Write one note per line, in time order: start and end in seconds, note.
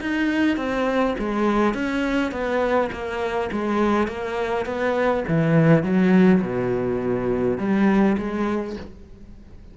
0.00 0.56 D#4
0.56 1.15 C4
1.18 1.74 G#3
1.74 2.31 C#4
2.31 2.89 B3
2.92 3.50 A#3
3.52 4.07 G#3
4.07 4.65 A#3
4.65 5.23 B3
5.28 5.83 E3
5.83 6.41 F#3
6.41 7.58 B2
7.58 8.16 G3
8.18 8.76 G#3